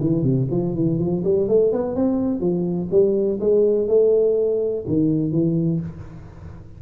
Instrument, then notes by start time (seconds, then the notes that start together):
tuba
0.00 E3
0.23 C3
0.51 F3
0.75 E3
0.99 F3
1.24 G3
1.48 A3
1.72 B3
1.95 C4
2.40 F3
2.91 G3
3.40 G#3
3.88 A3
4.87 D#3
5.32 E3